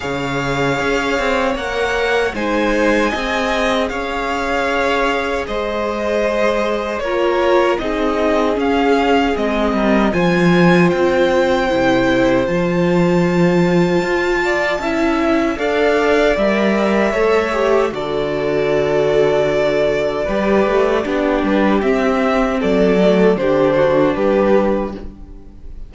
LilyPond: <<
  \new Staff \with { instrumentName = "violin" } { \time 4/4 \tempo 4 = 77 f''2 fis''4 gis''4~ | gis''4 f''2 dis''4~ | dis''4 cis''4 dis''4 f''4 | dis''4 gis''4 g''2 |
a''1 | f''4 e''2 d''4~ | d''2.~ d''8 b'8 | e''4 d''4 c''4 b'4 | }
  \new Staff \with { instrumentName = "violin" } { \time 4/4 cis''2. c''4 | dis''4 cis''2 c''4~ | c''4 ais'4 gis'2~ | gis'8 ais'8 c''2.~ |
c''2~ c''8 d''8 e''4 | d''2 cis''4 a'4~ | a'2 b'4 g'4~ | g'4 a'4 g'8 fis'8 g'4 | }
  \new Staff \with { instrumentName = "viola" } { \time 4/4 gis'2 ais'4 dis'4 | gis'1~ | gis'4 f'4 dis'4 cis'4 | c'4 f'2 e'4 |
f'2. e'4 | a'4 ais'4 a'8 g'8 fis'4~ | fis'2 g'4 d'4 | c'4. a8 d'2 | }
  \new Staff \with { instrumentName = "cello" } { \time 4/4 cis4 cis'8 c'8 ais4 gis4 | c'4 cis'2 gis4~ | gis4 ais4 c'4 cis'4 | gis8 g8 f4 c'4 c4 |
f2 f'4 cis'4 | d'4 g4 a4 d4~ | d2 g8 a8 b8 g8 | c'4 fis4 d4 g4 | }
>>